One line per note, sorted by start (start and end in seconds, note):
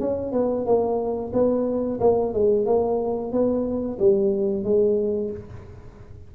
0.00 0.32 C#4
0.32 0.66 B3
0.66 1.32 A#3
1.33 2.00 B3
2.00 2.33 A#3
2.33 2.66 G#3
2.66 3.32 A#3
3.32 3.99 B3
3.99 4.64 G3
4.64 5.31 G#3